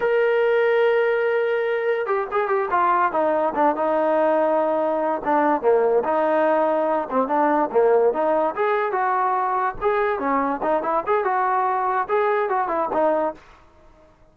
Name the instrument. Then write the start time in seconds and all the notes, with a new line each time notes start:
trombone
0.00 A#4
2.06 G4
2.31 G#4
2.48 G4
2.70 F4
3.12 D#4
3.54 D4
3.75 D#4
5.24 D4
5.61 A#3
6.04 D#4
7.10 C4
7.27 D4
7.71 A#3
8.13 D#4
8.55 G#4
8.91 F#4
9.81 G#4
10.19 C#4
10.62 D#4
10.82 E4
11.06 G#4
11.24 F#4
12.08 G#4
12.49 F#4
12.67 E4
12.93 D#4